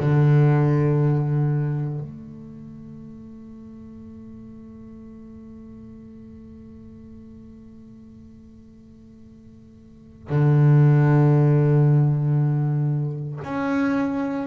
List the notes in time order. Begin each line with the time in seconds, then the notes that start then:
0.00 D3
2.00 A3
10.29 D3
13.44 C#4